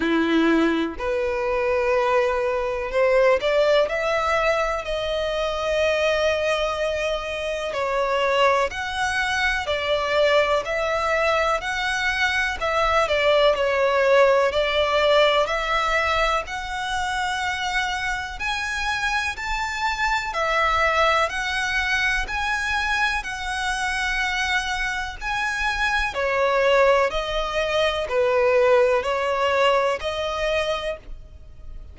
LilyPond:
\new Staff \with { instrumentName = "violin" } { \time 4/4 \tempo 4 = 62 e'4 b'2 c''8 d''8 | e''4 dis''2. | cis''4 fis''4 d''4 e''4 | fis''4 e''8 d''8 cis''4 d''4 |
e''4 fis''2 gis''4 | a''4 e''4 fis''4 gis''4 | fis''2 gis''4 cis''4 | dis''4 b'4 cis''4 dis''4 | }